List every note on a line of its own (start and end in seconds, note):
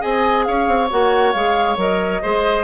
0.00 0.48 C4
0.00 0.88 G#4
0.00 0.45 D#5
0.00 0.45 G#5
0.45 0.68 C#4
0.45 2.23 C#5
0.45 0.89 F5
0.68 0.90 C4
0.91 1.35 A#3
0.91 1.35 F#4
0.91 1.33 F#5
1.33 1.77 G#3
1.33 1.77 G#4
1.33 1.77 F5
1.77 2.21 F#3
1.77 2.21 A#4
1.77 2.64 D#5
2.23 2.64 G#3
2.23 2.64 G#4
2.23 2.64 C5